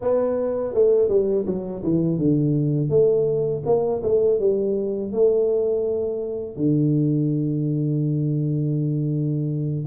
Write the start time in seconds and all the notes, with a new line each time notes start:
0.01 B3
0.74 A3
1.08 G3
1.46 F#3
1.83 E3
2.18 D3
2.89 A3
3.65 A#3
4.02 A3
4.39 G3
5.12 A3
6.56 D3